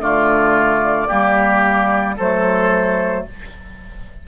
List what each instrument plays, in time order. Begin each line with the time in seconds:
0.00 bassoon D3, clarinet A3, oboe F4, flute D5
1.08 bassoon G3, clarinet A#3, oboe G4
2.17 bassoon F#3, clarinet A3, oboe A4, flute C5